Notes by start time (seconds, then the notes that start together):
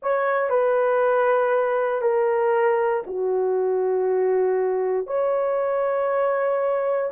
0.02 C#5
0.49 B4
2.01 A#4
3.06 F#4
5.07 C#5